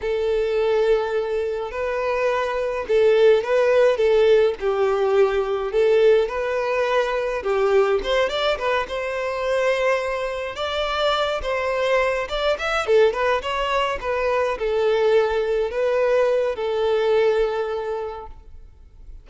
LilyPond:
\new Staff \with { instrumentName = "violin" } { \time 4/4 \tempo 4 = 105 a'2. b'4~ | b'4 a'4 b'4 a'4 | g'2 a'4 b'4~ | b'4 g'4 c''8 d''8 b'8 c''8~ |
c''2~ c''8 d''4. | c''4. d''8 e''8 a'8 b'8 cis''8~ | cis''8 b'4 a'2 b'8~ | b'4 a'2. | }